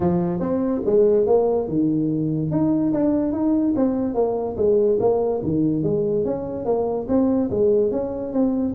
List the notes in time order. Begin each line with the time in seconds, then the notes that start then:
0.00 F3
0.39 C4
0.85 G#3
1.26 A#3
1.68 D#3
2.51 D#4
2.93 D4
3.32 D#4
3.76 C4
4.14 A#3
4.56 G#3
5.00 A#3
5.42 D#3
5.83 G#3
6.24 C#4
6.65 A#3
7.08 C4
7.50 G#3
7.91 C#4
8.32 C4